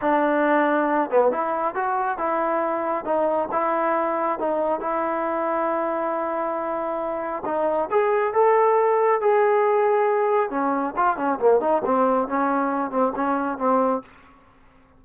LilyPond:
\new Staff \with { instrumentName = "trombone" } { \time 4/4 \tempo 4 = 137 d'2~ d'8 b8 e'4 | fis'4 e'2 dis'4 | e'2 dis'4 e'4~ | e'1~ |
e'4 dis'4 gis'4 a'4~ | a'4 gis'2. | cis'4 f'8 cis'8 ais8 dis'8 c'4 | cis'4. c'8 cis'4 c'4 | }